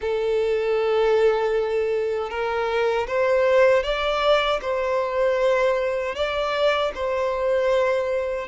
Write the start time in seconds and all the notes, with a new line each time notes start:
0.01 A4
2.29 A#4
3.07 C5
3.83 D5
4.61 C5
6.15 D5
6.94 C5